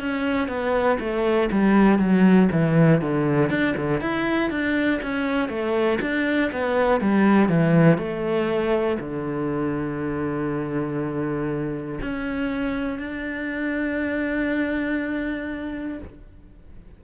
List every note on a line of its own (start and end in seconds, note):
0.00 0.48 C#4
0.48 0.98 B3
1.00 1.50 A3
1.51 1.99 G3
1.99 2.49 F#3
2.52 3.01 E3
3.01 3.50 D3
3.50 3.75 D4
3.76 4.01 D3
4.01 4.50 E4
4.50 5.00 D4
5.02 5.49 C#4
5.49 5.99 A3
6.01 6.51 D4
6.52 7.01 B3
7.01 7.49 G3
7.49 7.98 E3
7.98 8.98 A3
9.00 12.00 D3
12.01 12.99 C#4
12.99 15.99 D4